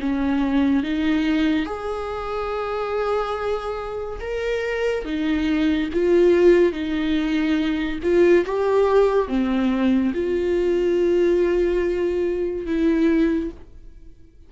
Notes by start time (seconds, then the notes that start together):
0.00 C#4
0.83 D#4
1.66 G#4
4.21 A#4
5.05 D#4
5.93 F4
6.72 D#4
8.03 F4
8.46 G4
9.28 C4
10.14 F4
12.66 E4